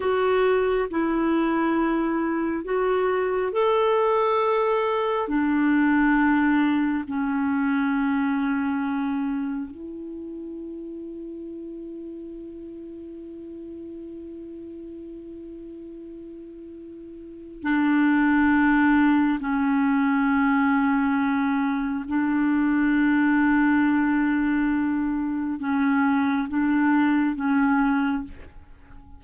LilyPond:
\new Staff \with { instrumentName = "clarinet" } { \time 4/4 \tempo 4 = 68 fis'4 e'2 fis'4 | a'2 d'2 | cis'2. e'4~ | e'1~ |
e'1 | d'2 cis'2~ | cis'4 d'2.~ | d'4 cis'4 d'4 cis'4 | }